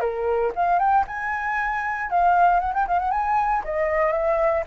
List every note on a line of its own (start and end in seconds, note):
0.00 0.52 A#4
0.55 0.79 F5
0.79 1.05 G5
1.07 2.10 G#5
2.10 2.60 F5
2.60 2.73 F#5
2.74 2.87 G5
2.88 2.99 F5
2.99 3.11 F#5
3.11 3.63 G#5
3.64 4.12 D#5
4.12 4.64 E5